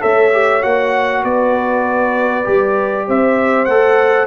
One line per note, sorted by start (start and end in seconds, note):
0.00 0.63 A3
0.00 0.31 A4
0.00 1.23 C#5
0.00 0.62 E5
0.32 0.62 G4
0.62 1.23 A#3
0.62 2.44 F#4
0.62 1.24 F#5
1.23 2.46 B3
1.23 3.07 B4
1.23 3.08 D5
2.44 3.08 G3
2.44 3.66 G4
3.07 3.67 C4
3.07 4.27 C5
3.07 3.65 E5
3.65 4.27 A3
3.65 4.27 A4
3.65 4.26 F#5